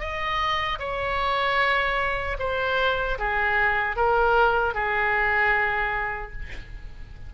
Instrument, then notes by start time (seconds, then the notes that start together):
oboe
0.00 D#5
0.79 C#5
2.39 C5
3.18 G#4
3.97 A#4
4.74 G#4